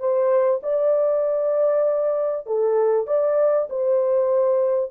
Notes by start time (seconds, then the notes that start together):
0.00 C5
0.63 D5
2.47 A4
3.07 D5
3.70 C5